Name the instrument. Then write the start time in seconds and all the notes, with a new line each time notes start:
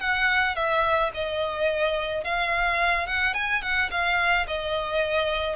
violin
0.00 F#5
0.56 E5
1.14 D#5
2.24 F5
3.07 F#5
3.34 G#5
3.62 F#5
3.91 F5
4.47 D#5